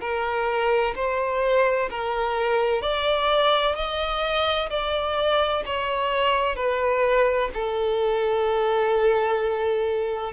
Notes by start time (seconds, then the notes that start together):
0.00 A#4
0.95 C5
1.90 A#4
2.82 D5
3.75 D#5
4.69 D5
5.65 C#5
6.55 B4
7.53 A4